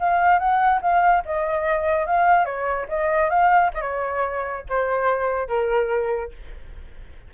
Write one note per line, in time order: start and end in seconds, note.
0.00 0.39 F5
0.39 0.81 F#5
0.82 1.24 F5
1.26 2.07 D#5
2.07 2.46 F5
2.46 2.87 C#5
2.89 3.30 D#5
3.30 3.72 F5
3.75 3.82 D#5
3.82 4.65 C#5
4.70 5.49 C5
5.49 6.32 A#4